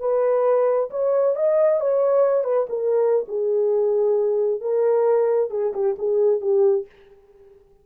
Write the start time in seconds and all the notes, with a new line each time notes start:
0.00 B4
0.91 C#5
1.36 D#5
1.81 C#5
2.44 B4
2.69 A#4
3.28 G#4
4.61 A#4
5.51 G#4
5.74 G4
5.99 G#4
6.41 G4